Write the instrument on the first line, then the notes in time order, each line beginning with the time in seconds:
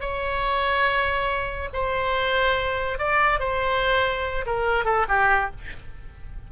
oboe
0.00 C#5
1.73 C5
2.98 D5
3.39 C5
4.46 A#4
4.85 A4
5.08 G4